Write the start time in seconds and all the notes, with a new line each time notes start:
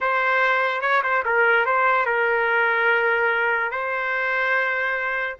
0.00 C5
0.81 C#5
1.03 C5
1.25 A#4
1.65 C5
2.05 A#4
3.71 C5